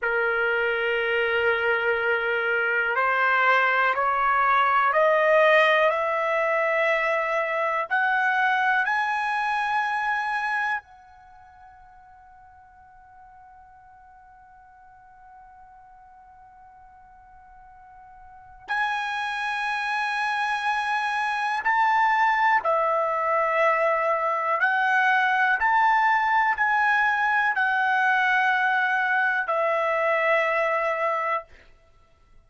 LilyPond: \new Staff \with { instrumentName = "trumpet" } { \time 4/4 \tempo 4 = 61 ais'2. c''4 | cis''4 dis''4 e''2 | fis''4 gis''2 fis''4~ | fis''1~ |
fis''2. gis''4~ | gis''2 a''4 e''4~ | e''4 fis''4 a''4 gis''4 | fis''2 e''2 | }